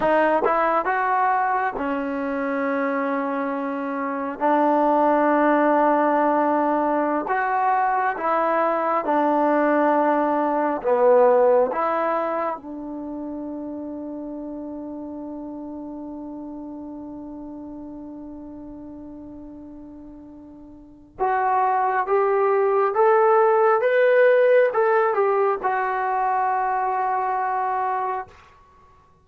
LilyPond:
\new Staff \with { instrumentName = "trombone" } { \time 4/4 \tempo 4 = 68 dis'8 e'8 fis'4 cis'2~ | cis'4 d'2.~ | d'16 fis'4 e'4 d'4.~ d'16~ | d'16 b4 e'4 d'4.~ d'16~ |
d'1~ | d'1 | fis'4 g'4 a'4 b'4 | a'8 g'8 fis'2. | }